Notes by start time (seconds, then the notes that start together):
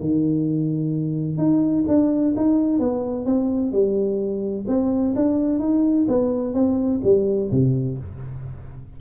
0.00 D#3
1.38 D#4
1.88 D4
2.37 D#4
2.79 B3
3.26 C4
3.72 G3
4.68 C4
5.16 D4
5.60 D#4
6.08 B3
6.54 C4
7.04 G3
7.51 C3